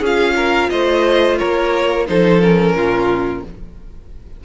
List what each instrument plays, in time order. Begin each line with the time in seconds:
0.00 cello C#4, viola F4, violin G#4
0.06 violin F5
0.36 violin A#4
0.70 cello A3, violin C5 D#5
1.38 cello A#3, violin A#4 C#5
2.07 cello F3, viola D#4, violin A4 C5
2.41 viola C#4, violin A#4
2.75 cello A#2, violin F4